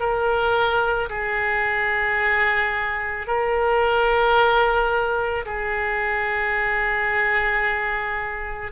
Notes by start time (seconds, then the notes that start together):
0.00 A#4
1.10 G#4
3.27 A#4
5.45 G#4